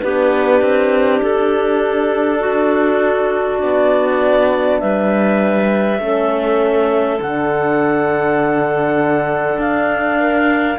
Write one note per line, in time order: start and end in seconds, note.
0.00 0.61 B3
0.00 6.00 D4
0.00 2.40 G4
0.00 1.20 B4
0.61 1.22 C4
1.23 3.63 D4
1.23 3.60 A4
2.40 4.80 F#4
3.60 4.82 B3
3.60 4.79 D5
4.80 6.00 G3
4.80 6.00 B4
4.80 7.20 E5
6.00 7.20 A3
6.00 7.20 C#4
6.00 10.20 A4
7.21 9.58 D3
7.21 10.79 D4
7.21 9.61 F#5
9.58 10.78 D4
9.58 10.79 F5
10.20 10.79 A#4